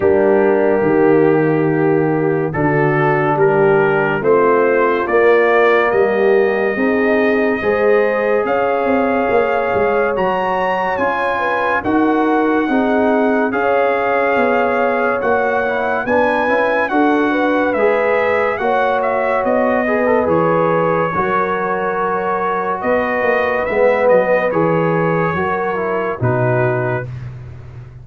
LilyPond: <<
  \new Staff \with { instrumentName = "trumpet" } { \time 4/4 \tempo 4 = 71 g'2. a'4 | ais'4 c''4 d''4 dis''4~ | dis''2 f''2 | ais''4 gis''4 fis''2 |
f''2 fis''4 gis''4 | fis''4 e''4 fis''8 e''8 dis''4 | cis''2. dis''4 | e''8 dis''8 cis''2 b'4 | }
  \new Staff \with { instrumentName = "horn" } { \time 4/4 d'4 g'2 fis'4 | g'4 f'2 g'4 | gis'4 c''4 cis''2~ | cis''4. b'8 ais'4 gis'4 |
cis''2. b'4 | a'8 b'4. cis''4. b'8~ | b'4 ais'2 b'4~ | b'2 ais'4 fis'4 | }
  \new Staff \with { instrumentName = "trombone" } { \time 4/4 ais2. d'4~ | d'4 c'4 ais2 | dis'4 gis'2. | fis'4 f'4 fis'4 dis'4 |
gis'2 fis'8 e'8 d'8 e'8 | fis'4 gis'4 fis'4. gis'16 a'16 | gis'4 fis'2. | b4 gis'4 fis'8 e'8 dis'4 | }
  \new Staff \with { instrumentName = "tuba" } { \time 4/4 g4 dis2 d4 | g4 a4 ais4 g4 | c'4 gis4 cis'8 c'8 ais8 gis8 | fis4 cis'4 dis'4 c'4 |
cis'4 b4 ais4 b8 cis'8 | d'4 gis4 ais4 b4 | e4 fis2 b8 ais8 | gis8 fis8 e4 fis4 b,4 | }
>>